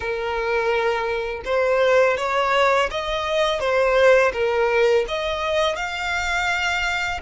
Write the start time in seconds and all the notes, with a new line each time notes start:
0.00 A#4
1.45 C5
2.17 C#5
2.90 D#5
3.59 C5
4.32 A#4
5.08 D#5
5.76 F5